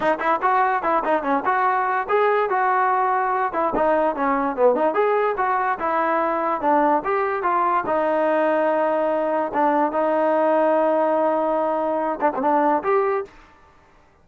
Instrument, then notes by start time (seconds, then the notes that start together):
trombone
0.00 D#4
0.19 E4
0.42 F#4
0.82 E4
1.04 D#4
1.23 C#4
1.45 F#4
2.08 G#4
2.49 F#4
3.52 E4
3.75 D#4
4.15 C#4
4.55 B3
4.75 D#4
4.94 G#4
5.37 F#4
5.79 E4
6.61 D4
7.04 G4
7.42 F4
7.86 D#4
9.53 D4
9.91 D#4
12.20 D4
12.35 C4 D4
12.83 G4